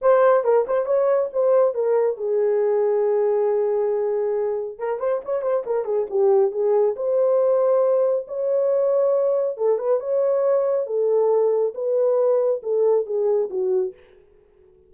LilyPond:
\new Staff \with { instrumentName = "horn" } { \time 4/4 \tempo 4 = 138 c''4 ais'8 c''8 cis''4 c''4 | ais'4 gis'2.~ | gis'2. ais'8 c''8 | cis''8 c''8 ais'8 gis'8 g'4 gis'4 |
c''2. cis''4~ | cis''2 a'8 b'8 cis''4~ | cis''4 a'2 b'4~ | b'4 a'4 gis'4 fis'4 | }